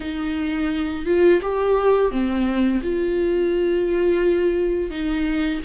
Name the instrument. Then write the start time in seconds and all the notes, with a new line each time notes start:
viola
0.00 D#4
1.05 F4
1.42 G4
2.11 C4
2.82 F4
4.90 D#4